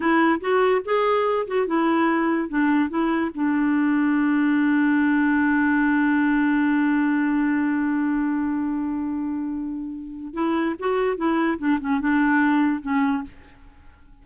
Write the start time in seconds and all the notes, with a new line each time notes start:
0.00 E4
0.40 F#4
0.84 G#4
1.47 F#4
1.66 E4
2.48 D4
2.89 E4
3.34 D4
10.33 E4
10.79 F#4
11.16 E4
11.58 D4
11.80 C#4
12.00 D4
12.81 C#4